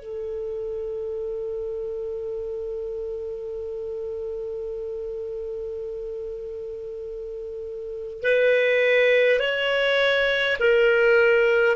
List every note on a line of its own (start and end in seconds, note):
0.00 8.23 A4
8.23 9.40 B4
9.40 10.57 C#5
10.60 11.76 A#4